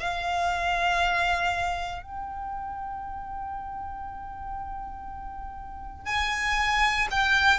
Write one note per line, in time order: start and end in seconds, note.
0.00 2.03 F5
2.03 6.06 G5
6.06 7.08 G#5
7.10 7.59 G5